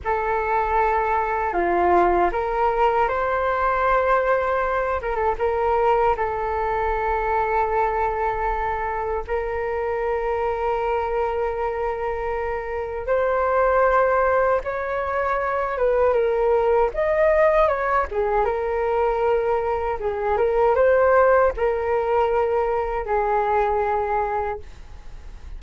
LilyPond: \new Staff \with { instrumentName = "flute" } { \time 4/4 \tempo 4 = 78 a'2 f'4 ais'4 | c''2~ c''8 ais'16 a'16 ais'4 | a'1 | ais'1~ |
ais'4 c''2 cis''4~ | cis''8 b'8 ais'4 dis''4 cis''8 gis'8 | ais'2 gis'8 ais'8 c''4 | ais'2 gis'2 | }